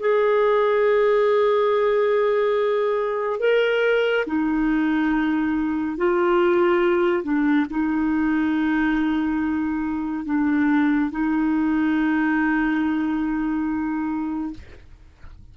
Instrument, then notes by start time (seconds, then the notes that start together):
clarinet
0.00 G#4
3.40 A#4
4.27 D#4
5.98 F4
7.24 D4
7.70 D#4
10.25 D4
11.11 D#4